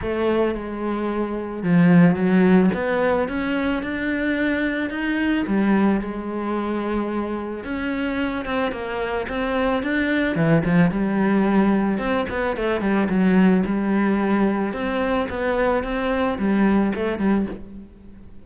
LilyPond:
\new Staff \with { instrumentName = "cello" } { \time 4/4 \tempo 4 = 110 a4 gis2 f4 | fis4 b4 cis'4 d'4~ | d'4 dis'4 g4 gis4~ | gis2 cis'4. c'8 |
ais4 c'4 d'4 e8 f8 | g2 c'8 b8 a8 g8 | fis4 g2 c'4 | b4 c'4 g4 a8 g8 | }